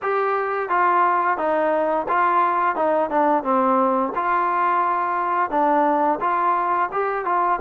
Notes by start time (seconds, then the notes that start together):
0.02 G4
0.69 F4
1.37 D#4
2.08 F4
2.75 D#4
3.10 D4
3.43 C4
4.15 F4
5.50 D4
6.20 F4
6.92 G4
7.25 F4